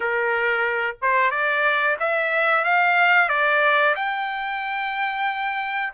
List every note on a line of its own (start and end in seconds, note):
0.00 0.96 A#4
1.01 1.30 C5
1.30 1.96 D5
1.99 2.64 E5
2.64 3.28 F5
3.28 3.94 D5
3.95 5.93 G5